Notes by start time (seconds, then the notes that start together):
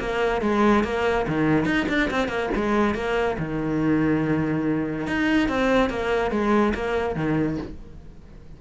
0.00 A#3
0.42 G#3
0.84 A#3
1.28 D#3
1.66 D#4
1.89 D4
2.11 C4
2.29 A#3
2.56 G#3
2.95 A#3
3.39 D#3
5.07 D#4
5.49 C4
5.90 A#3
6.31 G#3
6.75 A#3
7.16 D#3